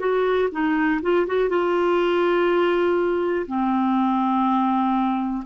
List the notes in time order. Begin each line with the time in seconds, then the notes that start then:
0.00 F#4
0.52 D#4
1.02 F4
1.27 F#4
1.49 F4
3.47 C4